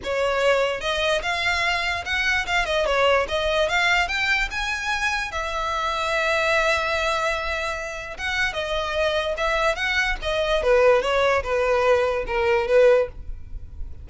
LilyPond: \new Staff \with { instrumentName = "violin" } { \time 4/4 \tempo 4 = 147 cis''2 dis''4 f''4~ | f''4 fis''4 f''8 dis''8 cis''4 | dis''4 f''4 g''4 gis''4~ | gis''4 e''2.~ |
e''1 | fis''4 dis''2 e''4 | fis''4 dis''4 b'4 cis''4 | b'2 ais'4 b'4 | }